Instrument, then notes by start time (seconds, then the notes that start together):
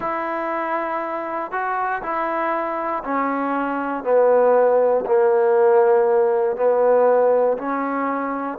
trombone
0.00 E4
1.51 F#4
2.02 E4
3.03 C#4
4.03 B3
5.06 A#3
6.56 B3
7.57 C#4